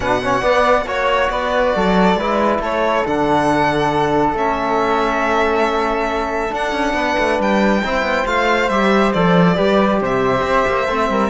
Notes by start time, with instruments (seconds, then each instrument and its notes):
0.00 cello B2, trombone D4, flute B4, violin F#5
0.22 trombone C#4, flute C#5
0.41 trombone B3, cello B3, flute D5
0.86 cello A#3, trombone F#4, violin C#5, flute C#5
1.29 cello B3, flute B4, violin D5
1.75 cello F#3, flute A4
2.15 cello G#3, trombone E4, flute B4
2.59 cello A3, flute A4, violin C#5
3.06 cello D3, trombone D4, violin F#5
4.33 cello A3, trombone C#4, violin E5
6.50 trombone D4, cello D4, violin F#5
6.72 cello C#4
6.93 cello B3, flute B4
7.18 cello A3
7.39 cello G3, violin G5
7.84 cello C4, trombone E4, flute C5
8.02 cello B3
8.26 cello A3, trombone F4, violin F5
8.69 cello G3, trombone G4, violin E5
9.13 cello F3, trombone A4, violin D5
9.55 cello G3, trombone G4, flute B4
10.01 cello C3, flute C5, violin E5
10.41 cello C4
10.67 cello A#3
10.88 cello A3, trombone C4
11.09 cello G3, flute A#4